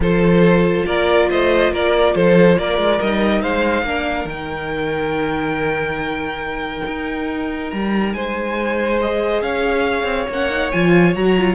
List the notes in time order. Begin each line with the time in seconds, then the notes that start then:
0.00 F3 F4 A4 C5
0.85 A#3 A#4 D5
1.29 A3 C5 D#5
1.71 A#3 A#4 D5
2.14 F3 A4 C5
2.57 A#3 A#4 D5
2.77 G#3
3.01 G3 D#4 D#5
3.41 G#3 C5 F5
3.82 A#3 D4
3.88 A#4
4.25 D#3 D#4 G5
6.86 D#4
7.70 G3 A#5
8.13 G#3 C5 G#5
8.99 G#4 D#5
9.41 C#4 C#5 F5
10.03 C4
10.29 A#3 C#4 F#5
10.50 D#4
10.71 F3 F4 G#5
11.14 F#3 F#4 A#5
11.37 F4